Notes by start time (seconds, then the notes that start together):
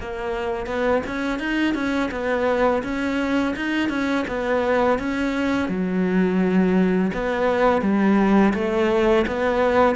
0.00 A#3
0.66 B3
1.06 C#4
1.39 D#4
1.74 C#4
2.11 B3
2.83 C#4
3.56 D#4
3.89 C#4
4.27 B3
4.98 C#4
5.69 F#3
7.13 B3
7.81 G3
8.54 A3
9.27 B3